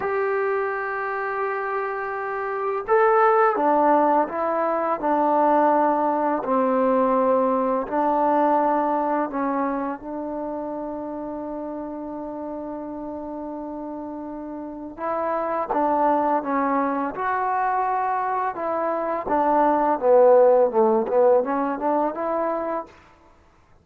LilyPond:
\new Staff \with { instrumentName = "trombone" } { \time 4/4 \tempo 4 = 84 g'1 | a'4 d'4 e'4 d'4~ | d'4 c'2 d'4~ | d'4 cis'4 d'2~ |
d'1~ | d'4 e'4 d'4 cis'4 | fis'2 e'4 d'4 | b4 a8 b8 cis'8 d'8 e'4 | }